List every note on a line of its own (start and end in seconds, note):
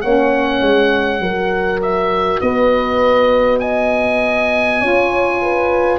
0.00 0.60 A#3
0.00 1.20 C#4
0.00 1.22 C#5
0.00 1.80 F#5
0.60 1.19 G#3
1.19 2.39 F#3
1.19 4.79 F#4
1.19 2.41 A#4
1.81 2.40 E5
2.40 4.81 B3
2.40 3.61 B4
2.40 3.59 D#5
3.59 4.80 D#5
3.59 5.99 G#5
4.79 5.99 C#4
4.79 5.99 F4
4.79 5.41 C#5
5.42 5.99 B4